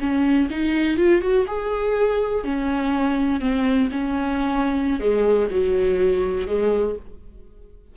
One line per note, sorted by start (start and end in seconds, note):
0.00 0.49 C#4
0.50 0.97 D#4
0.97 1.21 F4
1.21 1.46 F#4
1.47 2.44 G#4
2.44 3.40 C#4
3.40 3.89 C4
3.91 5.00 C#4
5.00 5.49 G#3
5.50 6.46 F#3
6.46 6.95 G#3